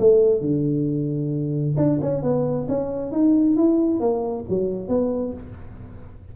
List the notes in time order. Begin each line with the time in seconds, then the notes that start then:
0.00 A3
0.41 D3
1.77 D4
2.02 C#4
2.23 B3
2.69 C#4
3.12 D#4
3.57 E4
4.01 A#3
4.50 F#3
4.89 B3